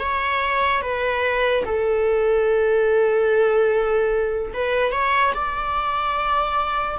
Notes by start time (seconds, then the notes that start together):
0.00 C#5
0.82 B4
1.66 A4
4.54 B4
4.92 C#5
5.35 D5